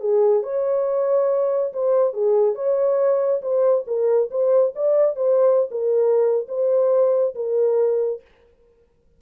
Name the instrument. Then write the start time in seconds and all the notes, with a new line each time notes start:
horn
0.00 G#4
0.43 C#5
1.73 C5
2.13 G#4
2.55 C#5
3.42 C5
3.87 A#4
4.30 C5
4.75 D5
5.16 C5
5.71 A#4
6.48 C5
7.35 A#4